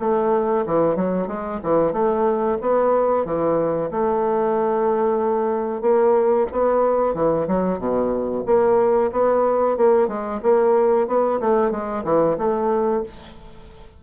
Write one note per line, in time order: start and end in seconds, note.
0.00 0.65 A3
0.66 0.96 E3
0.96 1.27 F#3
1.27 1.60 G#3
1.63 1.93 E3
1.93 2.58 A3
2.61 3.25 B3
3.25 3.90 E3
3.91 5.82 A3
5.82 6.47 A#3
6.52 7.14 B3
7.14 7.47 E3
7.48 7.79 F#3
7.79 8.44 B2
8.46 9.11 A#3
9.12 9.77 B3
9.77 10.08 A#3
10.08 10.41 G#3
10.43 11.08 A#3
11.08 11.40 B3
11.41 11.71 A3
11.71 12.04 G#3
12.04 12.37 E3
12.38 13.03 A3